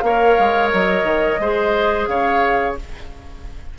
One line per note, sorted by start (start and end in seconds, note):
0.00 0.37 A#3
0.00 1.41 A#4
0.00 1.41 C#5
0.00 0.68 F5
0.39 0.73 G#3
0.73 1.04 F#3
0.73 2.07 D#5
1.04 1.38 D#3
1.39 2.08 G#3
1.39 2.79 G#4
1.39 2.09 C5
2.07 2.76 C#3
2.07 2.78 C#5
2.07 2.75 F5